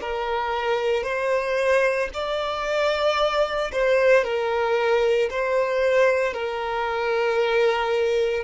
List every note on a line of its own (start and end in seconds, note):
0.00 1.03 A#4
1.03 2.09 C5
2.13 3.71 D5
3.72 4.24 C5
4.24 5.29 A#4
5.30 6.33 C5
6.33 8.44 A#4